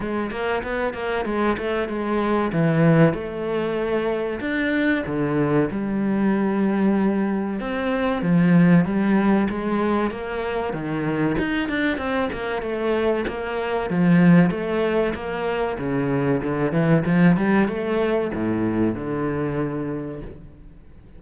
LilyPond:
\new Staff \with { instrumentName = "cello" } { \time 4/4 \tempo 4 = 95 gis8 ais8 b8 ais8 gis8 a8 gis4 | e4 a2 d'4 | d4 g2. | c'4 f4 g4 gis4 |
ais4 dis4 dis'8 d'8 c'8 ais8 | a4 ais4 f4 a4 | ais4 cis4 d8 e8 f8 g8 | a4 a,4 d2 | }